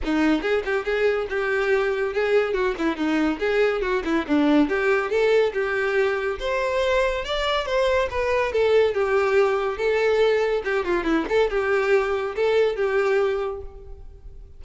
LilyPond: \new Staff \with { instrumentName = "violin" } { \time 4/4 \tempo 4 = 141 dis'4 gis'8 g'8 gis'4 g'4~ | g'4 gis'4 fis'8 e'8 dis'4 | gis'4 fis'8 e'8 d'4 g'4 | a'4 g'2 c''4~ |
c''4 d''4 c''4 b'4 | a'4 g'2 a'4~ | a'4 g'8 f'8 e'8 a'8 g'4~ | g'4 a'4 g'2 | }